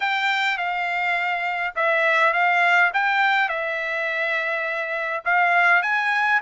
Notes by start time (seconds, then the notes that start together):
0.00 G5
0.57 F5
1.75 E5
2.33 F5
2.93 G5
3.48 E5
5.25 F5
5.82 G#5